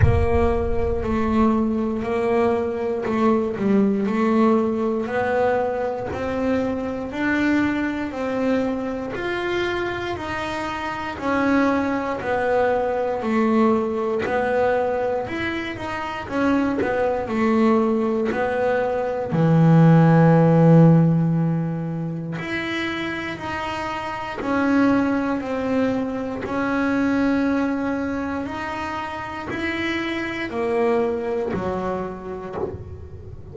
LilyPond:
\new Staff \with { instrumentName = "double bass" } { \time 4/4 \tempo 4 = 59 ais4 a4 ais4 a8 g8 | a4 b4 c'4 d'4 | c'4 f'4 dis'4 cis'4 | b4 a4 b4 e'8 dis'8 |
cis'8 b8 a4 b4 e4~ | e2 e'4 dis'4 | cis'4 c'4 cis'2 | dis'4 e'4 ais4 fis4 | }